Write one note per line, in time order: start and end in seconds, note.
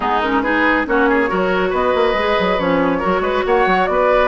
0.00 0.86 G#3
0.00 0.22 B3
0.00 0.42 D#4
0.00 0.21 G#4
0.21 0.44 C#4
0.21 0.41 A#4
0.41 0.85 D#4
0.41 0.86 G#4
0.41 0.84 B4
0.85 1.30 A#3
0.85 1.28 C#4
0.85 1.09 F#4
0.85 1.73 C#5
1.09 1.29 G#4
1.28 1.72 F#3
1.28 2.14 F#4
1.28 1.69 A#4
1.69 1.94 B3
1.69 2.99 B4
1.69 2.59 D#5
1.94 2.13 A#3
2.13 2.35 G#3
2.13 2.58 G#4
2.39 2.59 F#3
2.58 3.02 F3
2.58 3.01 C#4
2.58 3.45 C#5
2.99 3.20 F#3
2.99 4.27 F#4
2.99 3.21 A#4
3.20 3.42 G#3
3.20 3.44 B4
3.46 3.66 A#3
3.46 3.89 C#5
3.46 3.86 F#5
3.66 3.88 F#3
3.86 4.27 B3
3.86 4.27 D5
3.92 4.27 B4